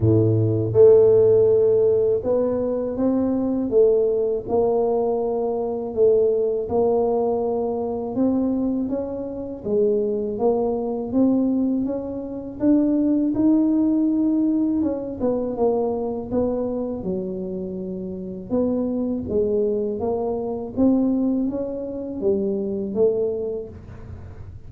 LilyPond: \new Staff \with { instrumentName = "tuba" } { \time 4/4 \tempo 4 = 81 a,4 a2 b4 | c'4 a4 ais2 | a4 ais2 c'4 | cis'4 gis4 ais4 c'4 |
cis'4 d'4 dis'2 | cis'8 b8 ais4 b4 fis4~ | fis4 b4 gis4 ais4 | c'4 cis'4 g4 a4 | }